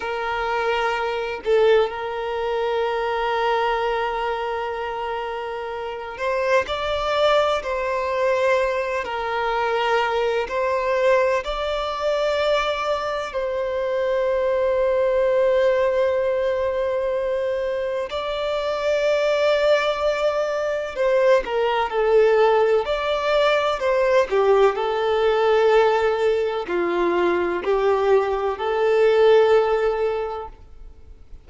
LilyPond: \new Staff \with { instrumentName = "violin" } { \time 4/4 \tempo 4 = 63 ais'4. a'8 ais'2~ | ais'2~ ais'8 c''8 d''4 | c''4. ais'4. c''4 | d''2 c''2~ |
c''2. d''4~ | d''2 c''8 ais'8 a'4 | d''4 c''8 g'8 a'2 | f'4 g'4 a'2 | }